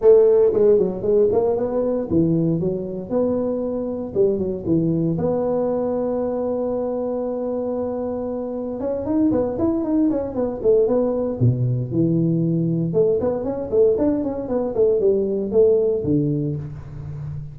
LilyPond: \new Staff \with { instrumentName = "tuba" } { \time 4/4 \tempo 4 = 116 a4 gis8 fis8 gis8 ais8 b4 | e4 fis4 b2 | g8 fis8 e4 b2~ | b1~ |
b4 cis'8 dis'8 b8 e'8 dis'8 cis'8 | b8 a8 b4 b,4 e4~ | e4 a8 b8 cis'8 a8 d'8 cis'8 | b8 a8 g4 a4 d4 | }